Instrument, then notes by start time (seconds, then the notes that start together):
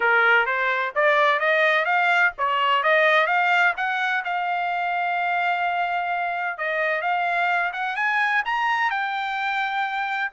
trumpet
0.00 A#4
0.46 C5
0.95 D5
1.39 D#5
1.85 F5
2.38 C#5
2.83 D#5
3.26 F5
3.76 F#5
4.24 F5
6.58 D#5
7.01 F5
7.73 F#5
7.95 G#5
8.45 A#5
8.90 G5